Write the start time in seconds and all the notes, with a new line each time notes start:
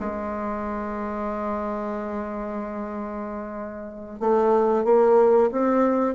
0.00 G#3
4.20 A3
4.85 A#3
5.52 C4